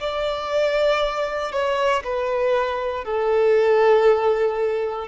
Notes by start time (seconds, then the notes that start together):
0.00 D5
1.52 C#5
2.04 B4
3.05 A4